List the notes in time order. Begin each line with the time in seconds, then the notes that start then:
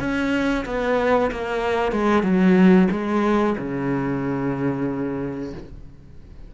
0.00 C#4
0.66 B3
1.32 A#3
1.92 G#3
2.23 F#3
2.92 G#3
3.58 C#3